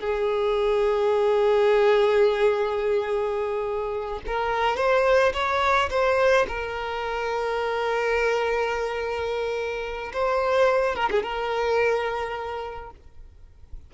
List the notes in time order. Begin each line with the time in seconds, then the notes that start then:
0.00 G#4
4.26 A#4
4.76 C5
5.33 C#5
5.90 C5
6.48 A#4
10.13 C5
10.95 A#4
11.11 G#4
11.23 A#4